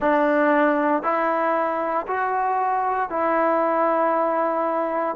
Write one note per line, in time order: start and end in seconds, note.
0.00 1.03 D4
1.03 2.06 E4
2.07 3.09 F#4
3.09 5.15 E4